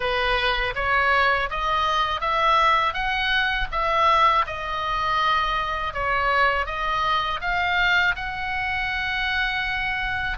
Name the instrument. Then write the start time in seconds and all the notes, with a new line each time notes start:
oboe
0.00 B4
0.75 C#5
1.50 D#5
2.20 E5
2.93 F#5
3.71 E5
4.46 D#5
5.93 C#5
6.65 D#5
7.41 F5
8.15 F#5